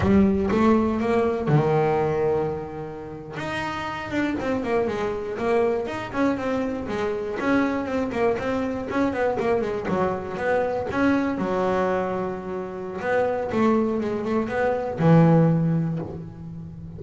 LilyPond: \new Staff \with { instrumentName = "double bass" } { \time 4/4 \tempo 4 = 120 g4 a4 ais4 dis4~ | dis2~ dis8. dis'4~ dis'16~ | dis'16 d'8 c'8 ais8 gis4 ais4 dis'16~ | dis'16 cis'8 c'4 gis4 cis'4 c'16~ |
c'16 ais8 c'4 cis'8 b8 ais8 gis8 fis16~ | fis8. b4 cis'4 fis4~ fis16~ | fis2 b4 a4 | gis8 a8 b4 e2 | }